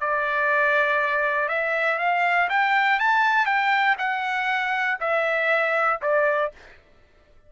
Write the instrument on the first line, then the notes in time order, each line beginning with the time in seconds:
trumpet
0.00 D5
1.48 E5
1.98 F5
2.49 G5
2.99 A5
3.45 G5
3.98 F#5
5.00 E5
6.02 D5